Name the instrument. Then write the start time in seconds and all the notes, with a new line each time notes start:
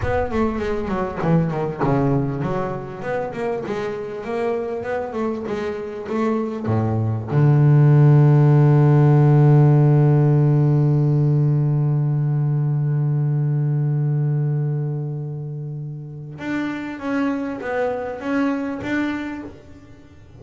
double bass
0.02 B3
0.31 A3
0.58 G#3
0.88 F#3
1.21 E3
1.50 D#3
1.83 C#3
2.41 F#3
3.02 B3
3.33 A#3
3.66 G#3
4.24 A#3
4.83 B3
5.12 A3
5.47 G#3
6.09 A3
6.66 A2
7.30 D3
16.39 D4
16.99 C#4
17.61 B3
18.20 C#4
18.82 D4